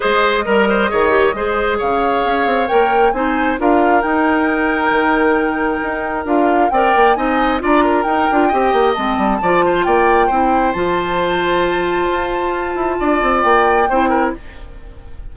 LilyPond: <<
  \new Staff \with { instrumentName = "flute" } { \time 4/4 \tempo 4 = 134 dis''1 | f''2 g''4 gis''4 | f''4 g''2.~ | g''2 f''4 g''4 |
gis''4 ais''4 g''2 | a''2 g''2 | a''1~ | a''2 g''2 | }
  \new Staff \with { instrumentName = "oboe" } { \time 4/4 c''4 ais'8 c''8 cis''4 c''4 | cis''2. c''4 | ais'1~ | ais'2. d''4 |
dis''4 d''8 ais'4. dis''4~ | dis''4 d''8 c''8 d''4 c''4~ | c''1~ | c''4 d''2 c''8 ais'8 | }
  \new Staff \with { instrumentName = "clarinet" } { \time 4/4 gis'4 ais'4 gis'8 g'8 gis'4~ | gis'2 ais'4 dis'4 | f'4 dis'2.~ | dis'2 f'4 ais'4 |
dis'4 f'4 dis'8 f'8 g'4 | c'4 f'2 e'4 | f'1~ | f'2. e'4 | }
  \new Staff \with { instrumentName = "bassoon" } { \time 4/4 gis4 g4 dis4 gis4 | cis4 cis'8 c'8 ais4 c'4 | d'4 dis'2 dis4~ | dis4 dis'4 d'4 c'8 ais8 |
c'4 d'4 dis'8 d'8 c'8 ais8 | gis8 g8 f4 ais4 c'4 | f2. f'4~ | f'8 e'8 d'8 c'8 ais4 c'4 | }
>>